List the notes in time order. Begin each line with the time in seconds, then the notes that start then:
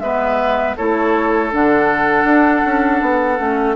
0.00 G#3 B3 B4 E5
0.77 A3 E4 A4 C#5
1.51 D3 D4 F#5
2.24 D4
2.66 C#4
3.02 B3
3.38 A3 C#4